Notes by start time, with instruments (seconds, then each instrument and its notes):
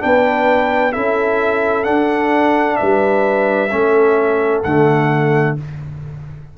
0.00 tuba B3, trombone D4, horn B4, trumpet G5
0.92 tuba C#4, trombone E4, horn A4, trumpet E5
1.84 trombone D4, tuba D4, trumpet F#5
2.76 tuba G3, horn B4, trumpet E5
3.71 tuba A3, trombone C#4, horn A4
4.63 tuba D3, trombone A3, trumpet F#5